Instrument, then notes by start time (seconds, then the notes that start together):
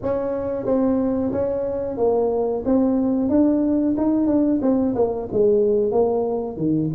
tuba
0.02 C#4
0.65 C4
1.32 C#4
1.97 A#3
2.65 C4
3.29 D4
3.97 D#4
4.26 D4
4.61 C4
4.95 A#3
5.31 G#3
5.91 A#3
6.57 D#3